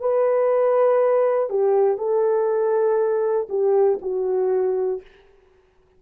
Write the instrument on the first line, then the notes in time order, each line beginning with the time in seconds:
horn
0.00 B4
1.50 G4
1.97 A4
3.49 G4
4.01 F#4